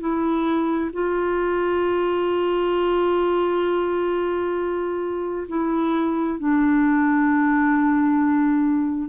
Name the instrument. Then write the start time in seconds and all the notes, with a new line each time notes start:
clarinet
0.00 E4
0.93 F4
5.48 E4
6.39 D4